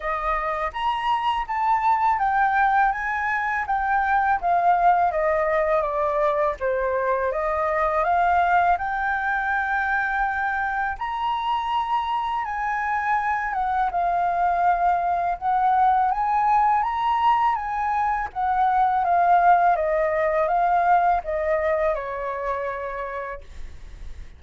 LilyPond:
\new Staff \with { instrumentName = "flute" } { \time 4/4 \tempo 4 = 82 dis''4 ais''4 a''4 g''4 | gis''4 g''4 f''4 dis''4 | d''4 c''4 dis''4 f''4 | g''2. ais''4~ |
ais''4 gis''4. fis''8 f''4~ | f''4 fis''4 gis''4 ais''4 | gis''4 fis''4 f''4 dis''4 | f''4 dis''4 cis''2 | }